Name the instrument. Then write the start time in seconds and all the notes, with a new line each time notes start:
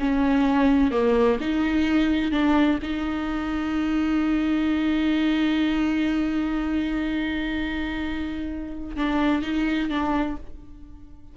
viola
0.00 C#4
0.92 A#3
1.41 D#4
2.32 D4
2.83 D#4
8.97 D4
9.43 D#4
9.90 D4